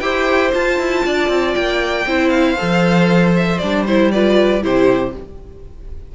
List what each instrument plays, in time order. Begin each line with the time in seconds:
0.00 cello E4, viola G4, violin C5 G5
0.51 viola F4, cello F4, violin A5
0.79 cello E4
1.06 cello D4, violin D5
1.29 cello C4
1.54 cello A#3, violin G5
2.06 cello C4, viola E4, violin C5
2.29 violin F5
2.57 cello F3, viola A4
3.37 violin E5
3.58 cello G3, viola D4, violin D5
3.87 viola E4, violin C5
4.12 viola F4, violin B4 D5
4.61 cello C3, viola E4, violin G4 C5